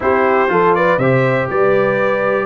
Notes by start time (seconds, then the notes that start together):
0.00 C4 E4 G4 C5
0.48 F3 F4 A4
0.74 B4 D5
0.98 C3 G4 C5 E5
1.49 G3 B4 D5